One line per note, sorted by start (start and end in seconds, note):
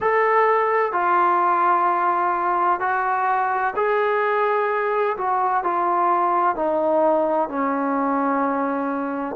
0.00 0.92 A4
0.92 2.80 F4
2.80 3.73 F#4
3.76 5.16 G#4
5.17 5.63 F#4
5.63 6.55 F4
6.55 7.48 D#4
7.48 9.36 C#4